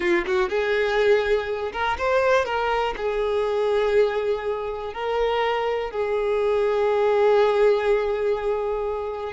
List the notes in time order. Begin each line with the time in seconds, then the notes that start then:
0.00 F4
0.26 F#4
0.49 G#4
1.72 A#4
1.97 C5
2.45 A#4
2.96 G#4
4.93 A#4
5.91 G#4